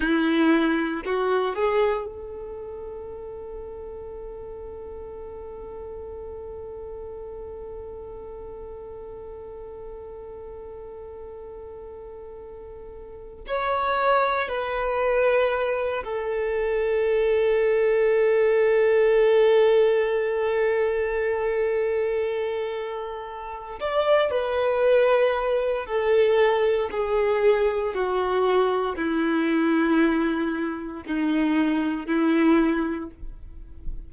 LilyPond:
\new Staff \with { instrumentName = "violin" } { \time 4/4 \tempo 4 = 58 e'4 fis'8 gis'8 a'2~ | a'1~ | a'1~ | a'4 cis''4 b'4. a'8~ |
a'1~ | a'2. d''8 b'8~ | b'4 a'4 gis'4 fis'4 | e'2 dis'4 e'4 | }